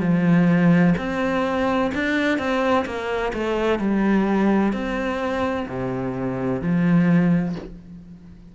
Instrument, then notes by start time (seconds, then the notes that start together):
cello
0.00 F3
0.98 C4
1.94 D4
2.38 C4
2.86 A#3
3.33 A3
3.79 G3
4.73 C4
5.68 C3
6.61 F3